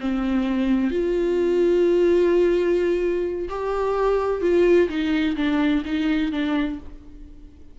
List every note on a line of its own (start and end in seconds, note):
0.00 0.91 C4
0.91 3.49 F4
3.49 4.42 G4
4.42 4.89 F4
4.89 5.36 D#4
5.37 5.84 D4
5.85 6.32 D#4
6.32 6.79 D4